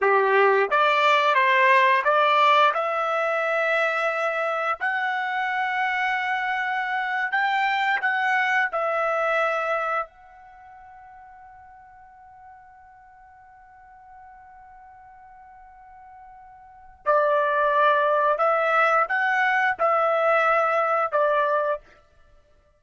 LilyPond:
\new Staff \with { instrumentName = "trumpet" } { \time 4/4 \tempo 4 = 88 g'4 d''4 c''4 d''4 | e''2. fis''4~ | fis''2~ fis''8. g''4 fis''16~ | fis''8. e''2 fis''4~ fis''16~ |
fis''1~ | fis''1~ | fis''4 d''2 e''4 | fis''4 e''2 d''4 | }